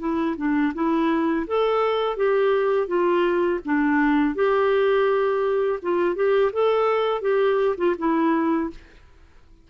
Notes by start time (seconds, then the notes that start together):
0.00 E4
0.37 D4
0.75 E4
1.47 A4
2.17 G4
2.88 F4
3.65 D4
4.35 G4
5.83 F4
6.16 G4
6.53 A4
7.22 G4
7.78 F4
7.98 E4